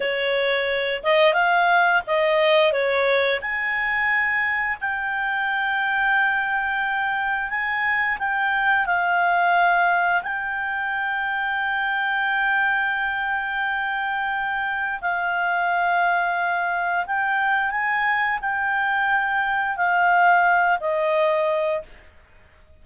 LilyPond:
\new Staff \with { instrumentName = "clarinet" } { \time 4/4 \tempo 4 = 88 cis''4. dis''8 f''4 dis''4 | cis''4 gis''2 g''4~ | g''2. gis''4 | g''4 f''2 g''4~ |
g''1~ | g''2 f''2~ | f''4 g''4 gis''4 g''4~ | g''4 f''4. dis''4. | }